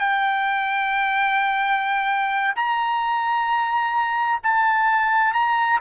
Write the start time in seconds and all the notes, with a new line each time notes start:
0.00 G5
2.56 A#5
4.43 A5
5.34 A#5